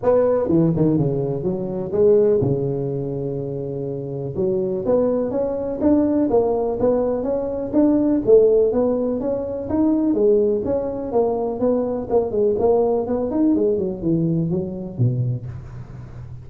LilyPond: \new Staff \with { instrumentName = "tuba" } { \time 4/4 \tempo 4 = 124 b4 e8 dis8 cis4 fis4 | gis4 cis2.~ | cis4 fis4 b4 cis'4 | d'4 ais4 b4 cis'4 |
d'4 a4 b4 cis'4 | dis'4 gis4 cis'4 ais4 | b4 ais8 gis8 ais4 b8 dis'8 | gis8 fis8 e4 fis4 b,4 | }